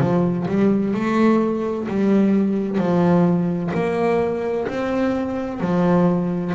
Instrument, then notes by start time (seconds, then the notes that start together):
double bass
0.00 F3
0.49 G3
0.94 A3
1.88 G3
2.79 F3
3.74 A#3
4.68 C4
5.61 F3